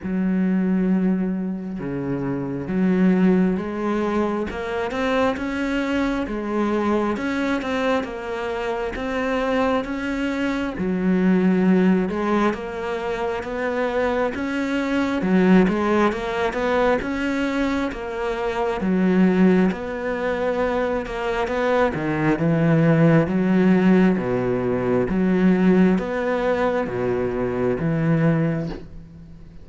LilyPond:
\new Staff \with { instrumentName = "cello" } { \time 4/4 \tempo 4 = 67 fis2 cis4 fis4 | gis4 ais8 c'8 cis'4 gis4 | cis'8 c'8 ais4 c'4 cis'4 | fis4. gis8 ais4 b4 |
cis'4 fis8 gis8 ais8 b8 cis'4 | ais4 fis4 b4. ais8 | b8 dis8 e4 fis4 b,4 | fis4 b4 b,4 e4 | }